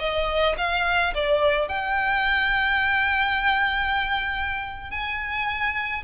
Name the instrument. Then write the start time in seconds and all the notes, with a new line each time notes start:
violin
0.00 D#5
0.58 F5
1.15 D5
1.69 G5
4.91 G#5